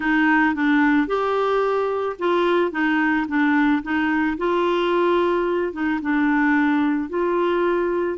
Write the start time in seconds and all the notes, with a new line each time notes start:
0.00 D#4
0.55 D4
1.07 G4
2.18 F4
2.71 D#4
3.28 D4
3.82 D#4
4.37 F4
5.72 D#4
6.01 D4
7.09 F4